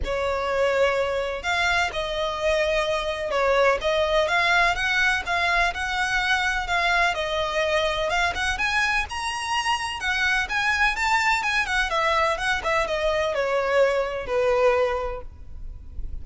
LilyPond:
\new Staff \with { instrumentName = "violin" } { \time 4/4 \tempo 4 = 126 cis''2. f''4 | dis''2. cis''4 | dis''4 f''4 fis''4 f''4 | fis''2 f''4 dis''4~ |
dis''4 f''8 fis''8 gis''4 ais''4~ | ais''4 fis''4 gis''4 a''4 | gis''8 fis''8 e''4 fis''8 e''8 dis''4 | cis''2 b'2 | }